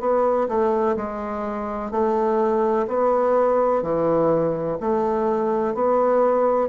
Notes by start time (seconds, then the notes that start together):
0.00 B3
0.48 A3
0.97 G#3
1.91 A3
2.87 B3
3.82 E3
4.81 A3
5.74 B3